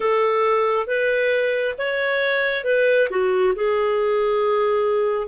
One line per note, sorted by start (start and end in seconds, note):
0.00 0.87 A4
0.87 1.75 B4
1.78 2.64 C#5
2.64 3.08 B4
3.10 3.54 F#4
3.55 5.27 G#4